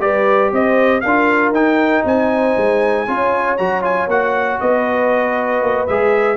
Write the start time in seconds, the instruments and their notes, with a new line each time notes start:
0.00 tuba G3, trombone G4, horn B4, trumpet D5
0.52 tuba C4, horn C5, trumpet D#5
1.00 tuba D4, horn A#4, trumpet F5
1.07 trombone F4
1.51 tuba D#4, trombone D#4, trumpet G5
2.05 tuba C4, horn C5, trumpet G#5
2.57 tuba G#3
3.07 tuba C#4, trombone F4, horn C#5
3.57 tuba F#3, trombone F#4, trumpet A#5
3.82 trombone F4, trumpet G#5
4.07 tuba A#3, trombone F#4, trumpet F#5
4.60 tuba B3, horn B4, trumpet D#5
5.62 tuba A#3
5.87 tuba G#3, trombone G#4, trumpet E5